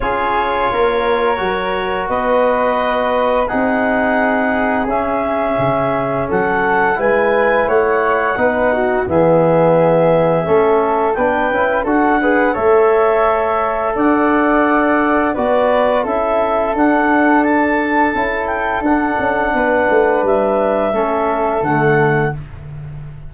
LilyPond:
<<
  \new Staff \with { instrumentName = "clarinet" } { \time 4/4 \tempo 4 = 86 cis''2. dis''4~ | dis''4 fis''2 e''4~ | e''4 fis''4 gis''4 fis''4~ | fis''4 e''2. |
g''4 fis''4 e''2 | fis''2 d''4 e''4 | fis''4 a''4. g''8 fis''4~ | fis''4 e''2 fis''4 | }
  \new Staff \with { instrumentName = "flute" } { \time 4/4 gis'4 ais'2 b'4~ | b'4 gis'2.~ | gis'4 a'4 b'4 cis''4 | b'8 fis'8 gis'2 a'4 |
b'4 a'8 b'8 cis''2 | d''2 b'4 a'4~ | a'1 | b'2 a'2 | }
  \new Staff \with { instrumentName = "trombone" } { \time 4/4 f'2 fis'2~ | fis'4 dis'2 cis'4~ | cis'2 e'2 | dis'4 b2 cis'4 |
d'8 e'8 fis'8 gis'8 a'2~ | a'2 fis'4 e'4 | d'2 e'4 d'4~ | d'2 cis'4 a4 | }
  \new Staff \with { instrumentName = "tuba" } { \time 4/4 cis'4 ais4 fis4 b4~ | b4 c'2 cis'4 | cis4 fis4 gis4 a4 | b4 e2 a4 |
b8 cis'8 d'4 a2 | d'2 b4 cis'4 | d'2 cis'4 d'8 cis'8 | b8 a8 g4 a4 d4 | }
>>